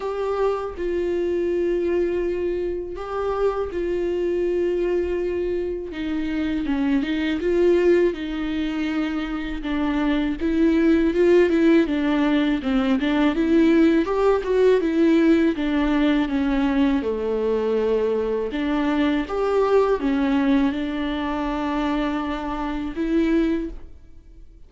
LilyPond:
\new Staff \with { instrumentName = "viola" } { \time 4/4 \tempo 4 = 81 g'4 f'2. | g'4 f'2. | dis'4 cis'8 dis'8 f'4 dis'4~ | dis'4 d'4 e'4 f'8 e'8 |
d'4 c'8 d'8 e'4 g'8 fis'8 | e'4 d'4 cis'4 a4~ | a4 d'4 g'4 cis'4 | d'2. e'4 | }